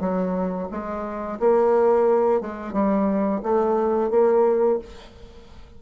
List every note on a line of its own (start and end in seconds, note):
0.00 0.68 F#3
0.71 1.39 G#3
1.39 2.41 A#3
2.41 2.73 G#3
2.73 3.41 G3
3.43 4.10 A3
4.10 4.79 A#3